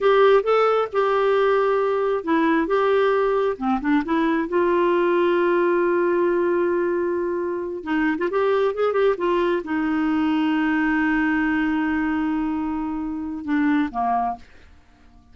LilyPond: \new Staff \with { instrumentName = "clarinet" } { \time 4/4 \tempo 4 = 134 g'4 a'4 g'2~ | g'4 e'4 g'2 | c'8 d'8 e'4 f'2~ | f'1~ |
f'4. dis'8. f'16 g'4 gis'8 | g'8 f'4 dis'2~ dis'8~ | dis'1~ | dis'2 d'4 ais4 | }